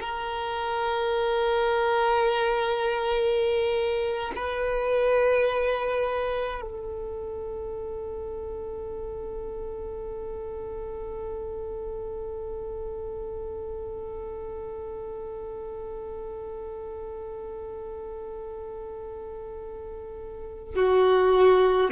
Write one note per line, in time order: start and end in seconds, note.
0.00 4.33 A#4
4.35 6.61 B4
6.61 20.75 A4
20.75 21.91 F#4